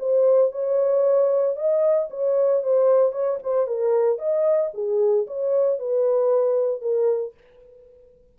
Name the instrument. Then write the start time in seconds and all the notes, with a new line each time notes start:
horn
0.00 C5
0.52 C#5
1.57 D#5
2.11 C#5
2.63 C5
3.13 C#5
3.44 C5
3.67 A#4
4.19 D#5
4.74 G#4
5.28 C#5
5.80 B4
6.82 A#4